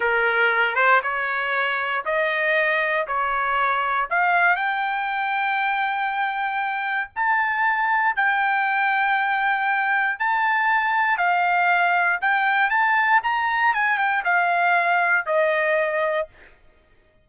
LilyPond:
\new Staff \with { instrumentName = "trumpet" } { \time 4/4 \tempo 4 = 118 ais'4. c''8 cis''2 | dis''2 cis''2 | f''4 g''2.~ | g''2 a''2 |
g''1 | a''2 f''2 | g''4 a''4 ais''4 gis''8 g''8 | f''2 dis''2 | }